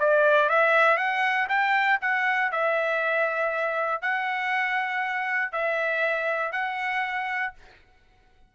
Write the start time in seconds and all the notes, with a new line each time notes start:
0.00 D5
0.50 E5
0.97 F#5
1.49 G5
2.01 F#5
2.52 E5
4.02 F#5
5.52 E5
6.52 F#5